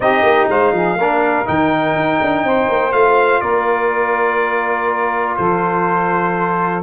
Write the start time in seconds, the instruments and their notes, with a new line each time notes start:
0.00 tuba C4, trombone D#4, saxophone G4, trumpet D#5
0.22 tuba A#3
0.48 tuba G#3, saxophone C5, trumpet F5
0.73 tuba F3, saxophone G#4
0.95 tuba A#3, trombone D4, saxophone A#4
1.45 tuba D#3, trombone D#4, trumpet G5
1.95 tuba D#4
2.21 tuba D4
2.43 tuba C4, saxophone C5
2.68 tuba A#3
2.92 tuba A3, trombone F4, trumpet F5
3.40 tuba A#3, saxophone A#4, trumpet D5
5.36 tuba F3, saxophone A4, trumpet C5